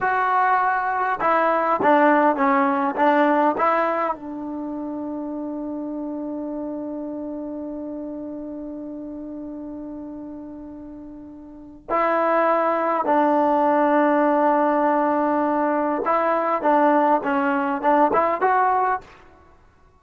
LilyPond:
\new Staff \with { instrumentName = "trombone" } { \time 4/4 \tempo 4 = 101 fis'2 e'4 d'4 | cis'4 d'4 e'4 d'4~ | d'1~ | d'1~ |
d'1 | e'2 d'2~ | d'2. e'4 | d'4 cis'4 d'8 e'8 fis'4 | }